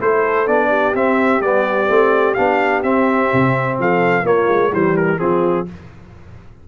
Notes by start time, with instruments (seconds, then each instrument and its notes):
0.00 tuba A3, trombone E4, horn A4, trumpet C5
0.46 tuba B3, trombone D4, trumpet D5
0.68 horn G4
0.93 tuba C4, trombone C4, trumpet E5
1.40 tuba G3, trombone B3, trumpet D5
1.88 tuba A3, trombone C4
2.34 tuba B3, trombone D4, trumpet F5
2.83 tuba C4, trombone C4, trumpet E5
3.33 tuba C3
3.79 tuba F3, horn A4, trumpet F5
4.22 tuba A#3, trombone A#3, horn F4, trumpet C#5
4.48 tuba G#3
4.72 tuba E3, trombone G3, horn G4, trumpet C5
4.96 trumpet A#4
5.18 tuba F3, trombone C4, horn F4, trumpet G#4